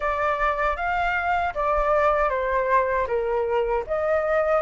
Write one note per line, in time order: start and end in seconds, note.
0.00 0.76 D5
0.76 1.53 F5
1.54 2.29 D5
2.29 3.06 C5
3.07 3.84 A#4
3.86 4.61 D#5